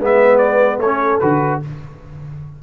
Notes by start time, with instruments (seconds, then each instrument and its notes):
0.00 tuba G#3, trombone B3, horn B4, trumpet E5
0.38 trumpet D5
0.79 tuba A3, horn A4, trumpet C#5
0.85 trombone C#4
1.20 tuba D3, trombone F#4, trumpet B4